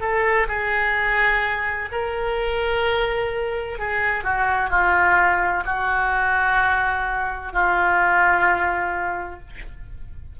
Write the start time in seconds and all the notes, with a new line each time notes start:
0.00 A4
0.48 G#4
1.92 A#4
3.78 G#4
4.24 F#4
4.70 F4
5.65 F#4
7.52 F4